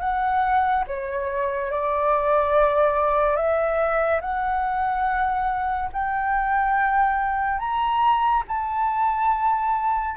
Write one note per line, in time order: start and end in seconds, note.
0.00 0.85 F#5
0.88 1.71 C#5
1.71 3.36 D5
3.36 4.21 E5
4.21 5.90 F#5
5.93 7.59 G5
7.59 8.44 A#5
8.48 10.17 A5